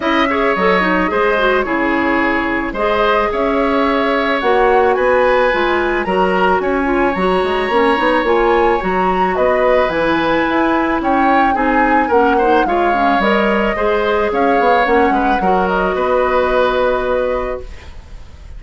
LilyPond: <<
  \new Staff \with { instrumentName = "flute" } { \time 4/4 \tempo 4 = 109 e''4 dis''2 cis''4~ | cis''4 dis''4 e''2 | fis''4 gis''2 ais''4 | gis''4 ais''2 gis''4 |
ais''4 dis''4 gis''2 | g''4 gis''4 fis''4 f''4 | dis''2 f''4 fis''4~ | fis''8 dis''2.~ dis''8 | }
  \new Staff \with { instrumentName = "oboe" } { \time 4/4 dis''8 cis''4. c''4 gis'4~ | gis'4 c''4 cis''2~ | cis''4 b'2 ais'4 | cis''1~ |
cis''4 b'2. | cis''4 gis'4 ais'8 c''8 cis''4~ | cis''4 c''4 cis''4. b'8 | ais'4 b'2. | }
  \new Staff \with { instrumentName = "clarinet" } { \time 4/4 e'8 gis'8 a'8 dis'8 gis'8 fis'8 e'4~ | e'4 gis'2. | fis'2 f'4 fis'4~ | fis'8 f'8 fis'4 cis'8 dis'8 f'4 |
fis'2 e'2~ | e'4 dis'4 cis'8 dis'8 f'8 cis'8 | ais'4 gis'2 cis'4 | fis'1 | }
  \new Staff \with { instrumentName = "bassoon" } { \time 4/4 cis'4 fis4 gis4 cis4~ | cis4 gis4 cis'2 | ais4 b4 gis4 fis4 | cis'4 fis8 gis8 ais8 b8 ais4 |
fis4 b4 e4 e'4 | cis'4 c'4 ais4 gis4 | g4 gis4 cis'8 b8 ais8 gis8 | fis4 b2. | }
>>